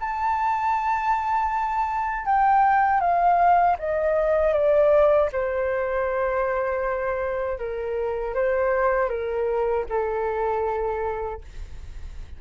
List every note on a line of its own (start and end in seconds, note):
0.00 2.25 A5
2.25 3.00 G5
3.00 3.76 F5
3.79 4.53 D#5
4.53 5.29 D5
5.32 7.58 C5
7.58 8.34 A#4
8.34 9.09 C5
9.09 9.85 A#4
9.89 11.41 A4